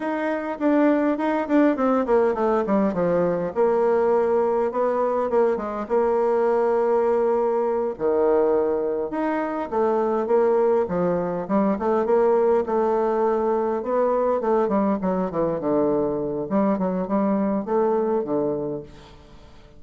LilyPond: \new Staff \with { instrumentName = "bassoon" } { \time 4/4 \tempo 4 = 102 dis'4 d'4 dis'8 d'8 c'8 ais8 | a8 g8 f4 ais2 | b4 ais8 gis8 ais2~ | ais4. dis2 dis'8~ |
dis'8 a4 ais4 f4 g8 | a8 ais4 a2 b8~ | b8 a8 g8 fis8 e8 d4. | g8 fis8 g4 a4 d4 | }